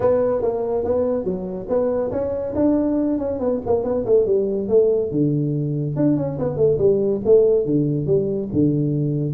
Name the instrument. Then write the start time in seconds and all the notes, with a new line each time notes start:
tuba
0.00 B3
0.42 A#3
0.84 B3
1.24 F#3
1.68 B3
2.11 C#4
2.55 D4
3.18 C#4
3.39 B3
3.66 A#3
3.84 B3
4.05 A3
4.26 G3
4.68 A3
5.11 D3
5.96 D4
6.17 C#4
6.38 B3
6.56 A3
6.78 G3
7.25 A3
7.65 D3
8.06 G3
8.53 D3